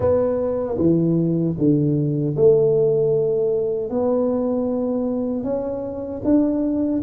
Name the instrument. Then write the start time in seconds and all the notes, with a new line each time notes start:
tuba
0.00 B3
0.77 E3
1.58 D3
2.36 A3
3.90 B3
5.43 C#4
6.24 D4